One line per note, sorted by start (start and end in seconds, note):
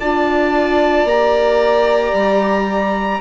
0.00 1.05 D4
0.00 1.08 F4
0.00 3.21 D5
0.00 1.07 A5
1.05 2.12 A#3
1.05 3.21 G4
1.05 3.21 A#5
2.13 3.21 G3